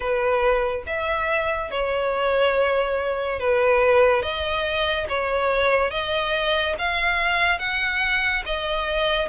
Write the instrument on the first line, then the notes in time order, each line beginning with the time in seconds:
violin
0.00 B4
0.86 E5
1.71 C#5
3.39 B4
4.22 D#5
5.08 C#5
5.90 D#5
6.78 F5
7.58 F#5
8.45 D#5